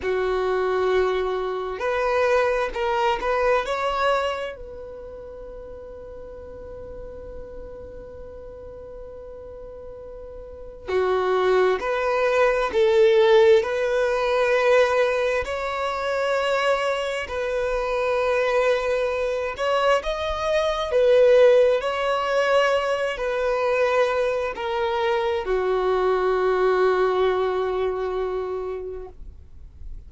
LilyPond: \new Staff \with { instrumentName = "violin" } { \time 4/4 \tempo 4 = 66 fis'2 b'4 ais'8 b'8 | cis''4 b'2.~ | b'1 | fis'4 b'4 a'4 b'4~ |
b'4 cis''2 b'4~ | b'4. cis''8 dis''4 b'4 | cis''4. b'4. ais'4 | fis'1 | }